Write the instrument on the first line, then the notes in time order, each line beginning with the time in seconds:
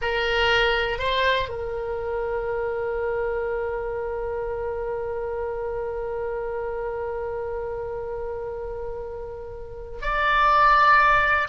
oboe
0.01 A#4
0.98 C5
1.49 A#4
10.01 D5